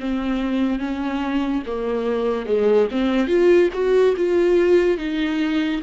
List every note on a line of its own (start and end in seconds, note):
0.00 0.79 C4
0.79 1.62 C#4
1.66 2.46 A#3
2.46 2.87 G#3
2.91 3.27 C4
3.27 3.69 F4
3.73 4.15 F#4
4.17 4.97 F4
4.97 5.81 D#4